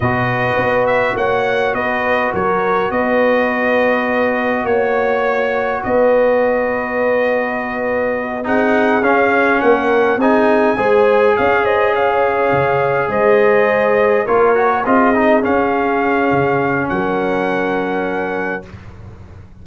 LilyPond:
<<
  \new Staff \with { instrumentName = "trumpet" } { \time 4/4 \tempo 4 = 103 dis''4. e''8 fis''4 dis''4 | cis''4 dis''2. | cis''2 dis''2~ | dis''2~ dis''8 fis''4 f''8~ |
f''8 fis''4 gis''2 f''8 | dis''8 f''2 dis''4.~ | dis''8 cis''4 dis''4 f''4.~ | f''4 fis''2. | }
  \new Staff \with { instrumentName = "horn" } { \time 4/4 b'2 cis''4 b'4 | ais'4 b'2. | cis''2 b'2~ | b'2~ b'8 gis'4.~ |
gis'8 ais'4 gis'4 c''4 cis''8 | c''8 cis''2 c''4.~ | c''8 ais'4 gis'2~ gis'8~ | gis'4 ais'2. | }
  \new Staff \with { instrumentName = "trombone" } { \time 4/4 fis'1~ | fis'1~ | fis'1~ | fis'2~ fis'8 dis'4 cis'8~ |
cis'4. dis'4 gis'4.~ | gis'1~ | gis'8 f'8 fis'8 f'8 dis'8 cis'4.~ | cis'1 | }
  \new Staff \with { instrumentName = "tuba" } { \time 4/4 b,4 b4 ais4 b4 | fis4 b2. | ais2 b2~ | b2~ b8 c'4 cis'8~ |
cis'8 ais4 c'4 gis4 cis'8~ | cis'4. cis4 gis4.~ | gis8 ais4 c'4 cis'4. | cis4 fis2. | }
>>